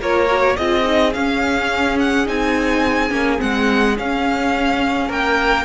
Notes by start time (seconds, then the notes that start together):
0.00 A#3 F4 A#4 C#5
0.28 F#4
0.56 C4 F4 G#4 D#5
0.84 D#4
1.13 C#4 F5
1.99 F#5
2.26 C4 D#4 G#5
3.09 A#3 C#4
3.38 G#3 C4 F#5
3.96 C#4 F5
5.08 A#3 A#4 G5